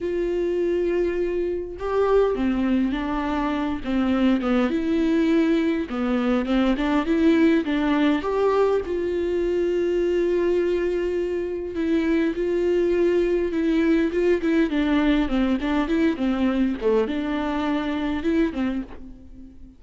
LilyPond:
\new Staff \with { instrumentName = "viola" } { \time 4/4 \tempo 4 = 102 f'2. g'4 | c'4 d'4. c'4 b8 | e'2 b4 c'8 d'8 | e'4 d'4 g'4 f'4~ |
f'1 | e'4 f'2 e'4 | f'8 e'8 d'4 c'8 d'8 e'8 c'8~ | c'8 a8 d'2 e'8 c'8 | }